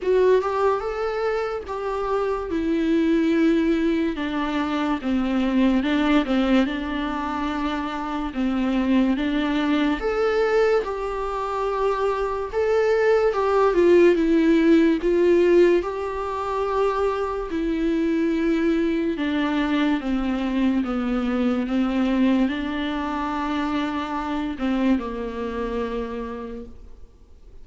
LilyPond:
\new Staff \with { instrumentName = "viola" } { \time 4/4 \tempo 4 = 72 fis'8 g'8 a'4 g'4 e'4~ | e'4 d'4 c'4 d'8 c'8 | d'2 c'4 d'4 | a'4 g'2 a'4 |
g'8 f'8 e'4 f'4 g'4~ | g'4 e'2 d'4 | c'4 b4 c'4 d'4~ | d'4. c'8 ais2 | }